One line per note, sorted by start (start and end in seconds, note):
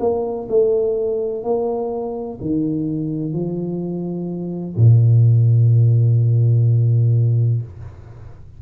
0.00 0.48 A#3
0.49 1.44 A3
1.44 2.39 A#3
2.41 3.33 D#3
3.33 4.76 F3
4.77 7.62 A#2